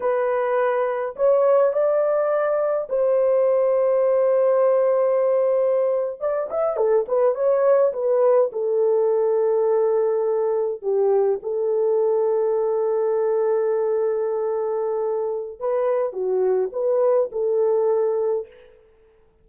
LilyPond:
\new Staff \with { instrumentName = "horn" } { \time 4/4 \tempo 4 = 104 b'2 cis''4 d''4~ | d''4 c''2.~ | c''2~ c''8. d''8 e''8 a'16~ | a'16 b'8 cis''4 b'4 a'4~ a'16~ |
a'2~ a'8. g'4 a'16~ | a'1~ | a'2. b'4 | fis'4 b'4 a'2 | }